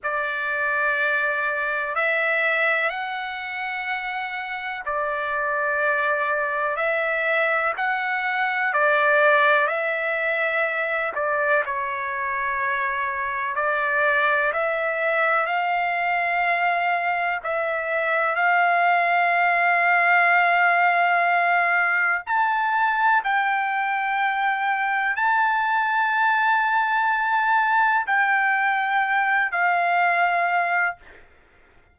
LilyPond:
\new Staff \with { instrumentName = "trumpet" } { \time 4/4 \tempo 4 = 62 d''2 e''4 fis''4~ | fis''4 d''2 e''4 | fis''4 d''4 e''4. d''8 | cis''2 d''4 e''4 |
f''2 e''4 f''4~ | f''2. a''4 | g''2 a''2~ | a''4 g''4. f''4. | }